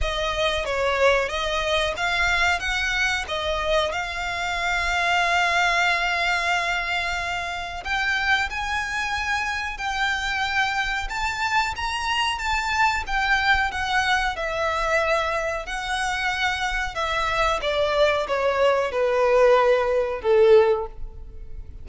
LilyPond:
\new Staff \with { instrumentName = "violin" } { \time 4/4 \tempo 4 = 92 dis''4 cis''4 dis''4 f''4 | fis''4 dis''4 f''2~ | f''1 | g''4 gis''2 g''4~ |
g''4 a''4 ais''4 a''4 | g''4 fis''4 e''2 | fis''2 e''4 d''4 | cis''4 b'2 a'4 | }